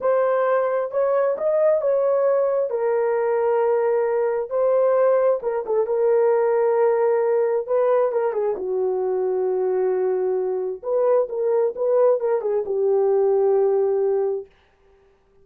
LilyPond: \new Staff \with { instrumentName = "horn" } { \time 4/4 \tempo 4 = 133 c''2 cis''4 dis''4 | cis''2 ais'2~ | ais'2 c''2 | ais'8 a'8 ais'2.~ |
ais'4 b'4 ais'8 gis'8 fis'4~ | fis'1 | b'4 ais'4 b'4 ais'8 gis'8 | g'1 | }